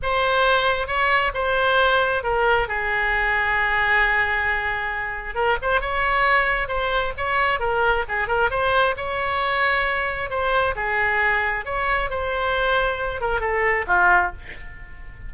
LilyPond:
\new Staff \with { instrumentName = "oboe" } { \time 4/4 \tempo 4 = 134 c''2 cis''4 c''4~ | c''4 ais'4 gis'2~ | gis'1 | ais'8 c''8 cis''2 c''4 |
cis''4 ais'4 gis'8 ais'8 c''4 | cis''2. c''4 | gis'2 cis''4 c''4~ | c''4. ais'8 a'4 f'4 | }